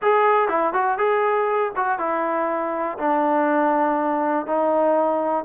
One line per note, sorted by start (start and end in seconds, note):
0.02 0.48 G#4
0.48 0.73 E4
0.73 0.97 F#4
0.97 1.72 G#4
1.76 1.98 F#4
1.98 2.98 E4
2.98 4.46 D4
4.46 5.44 D#4